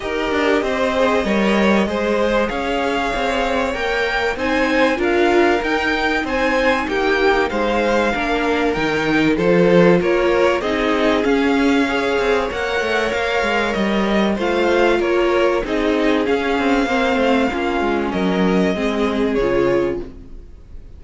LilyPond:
<<
  \new Staff \with { instrumentName = "violin" } { \time 4/4 \tempo 4 = 96 dis''1 | f''2 g''4 gis''4 | f''4 g''4 gis''4 g''4 | f''2 g''4 c''4 |
cis''4 dis''4 f''2 | fis''4 f''4 dis''4 f''4 | cis''4 dis''4 f''2~ | f''4 dis''2 cis''4 | }
  \new Staff \with { instrumentName = "violin" } { \time 4/4 ais'4 c''4 cis''4 c''4 | cis''2. c''4 | ais'2 c''4 g'4 | c''4 ais'2 a'4 |
ais'4 gis'2 cis''4~ | cis''2. c''4 | ais'4 gis'2 c''4 | f'4 ais'4 gis'2 | }
  \new Staff \with { instrumentName = "viola" } { \time 4/4 g'4. gis'8 ais'4 gis'4~ | gis'2 ais'4 dis'4 | f'4 dis'2.~ | dis'4 d'4 dis'4 f'4~ |
f'4 dis'4 cis'4 gis'4 | ais'2. f'4~ | f'4 dis'4 cis'4 c'4 | cis'2 c'4 f'4 | }
  \new Staff \with { instrumentName = "cello" } { \time 4/4 dis'8 d'8 c'4 g4 gis4 | cis'4 c'4 ais4 c'4 | d'4 dis'4 c'4 ais4 | gis4 ais4 dis4 f4 |
ais4 c'4 cis'4. c'8 | ais8 a8 ais8 gis8 g4 a4 | ais4 c'4 cis'8 c'8 ais8 a8 | ais8 gis8 fis4 gis4 cis4 | }
>>